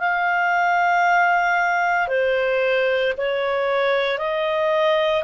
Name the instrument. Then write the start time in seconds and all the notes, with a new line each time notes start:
clarinet
0.00 F5
2.08 C5
3.18 C#5
4.19 D#5